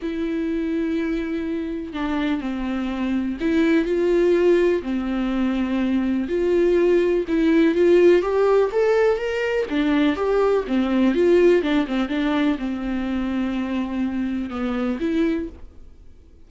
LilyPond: \new Staff \with { instrumentName = "viola" } { \time 4/4 \tempo 4 = 124 e'1 | d'4 c'2 e'4 | f'2 c'2~ | c'4 f'2 e'4 |
f'4 g'4 a'4 ais'4 | d'4 g'4 c'4 f'4 | d'8 c'8 d'4 c'2~ | c'2 b4 e'4 | }